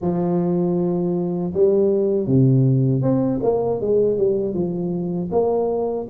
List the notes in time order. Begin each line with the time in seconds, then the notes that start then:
0.01 F3
1.53 G3
2.26 C3
3.01 C4
3.42 A#3
3.80 G#3
4.17 G3
4.54 F3
5.31 A#3